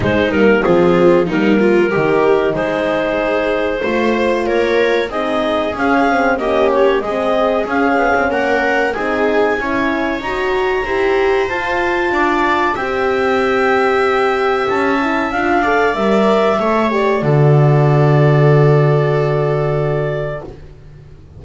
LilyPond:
<<
  \new Staff \with { instrumentName = "clarinet" } { \time 4/4 \tempo 4 = 94 c''8 ais'8 gis'4 ais'2 | c''2. cis''4 | dis''4 f''4 dis''8 cis''8 dis''4 | f''4 fis''4 gis''2 |
ais''2 a''2 | g''2. a''4 | f''4 e''4. d''4.~ | d''1 | }
  \new Staff \with { instrumentName = "viola" } { \time 4/4 dis'4 f'4 dis'8 f'8 g'4 | gis'2 c''4 ais'4 | gis'2 g'4 gis'4~ | gis'4 ais'4 gis'4 cis''4~ |
cis''4 c''2 d''4 | e''1~ | e''8 d''4. cis''4 a'4~ | a'1 | }
  \new Staff \with { instrumentName = "horn" } { \time 4/4 gis8 ais8 c'4 ais4 dis'4~ | dis'2 f'2 | dis'4 cis'8 c'8 cis'4 c'4 | cis'2 dis'4 e'4 |
fis'4 g'4 f'2 | g'2.~ g'8 e'8 | f'8 a'8 ais'4 a'8 g'8 fis'4~ | fis'1 | }
  \new Staff \with { instrumentName = "double bass" } { \time 4/4 gis8 g8 f4 g4 dis4 | gis2 a4 ais4 | c'4 cis'4 ais4 gis4 | cis'8 b16 c'16 ais4 c'4 cis'4 |
dis'4 e'4 f'4 d'4 | c'2. cis'4 | d'4 g4 a4 d4~ | d1 | }
>>